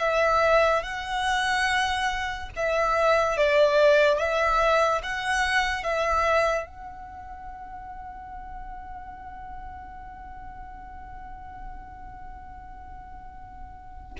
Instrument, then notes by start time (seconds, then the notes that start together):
violin
0.00 E5
0.83 F#5
2.56 E5
3.38 D5
4.19 E5
5.03 F#5
5.84 E5
6.67 F#5